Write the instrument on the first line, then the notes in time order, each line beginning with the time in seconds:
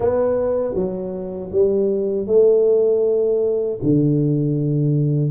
tuba
0.00 B3
0.74 F#3
1.52 G3
2.26 A3
3.82 D3